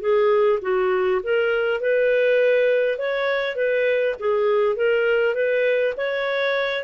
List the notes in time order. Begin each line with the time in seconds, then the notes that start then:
0.00 G#4
0.62 F#4
1.23 A#4
1.81 B4
2.98 C#5
3.56 B4
4.19 G#4
4.76 A#4
5.34 B4
5.97 C#5